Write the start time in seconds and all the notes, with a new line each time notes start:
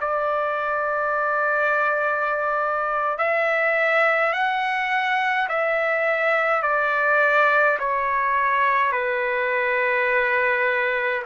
0.00 D5
3.18 E5
4.32 F#5
5.48 E5
6.62 D5
7.79 C#5
8.92 B4